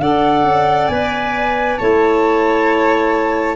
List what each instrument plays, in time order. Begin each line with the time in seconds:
0.00 tuba D4, clarinet A4, violin D5, flute F#5
0.44 tuba C#4
0.87 tuba B3, clarinet B4, flute G#5
1.77 tuba A3, clarinet E4, violin C#5, flute A5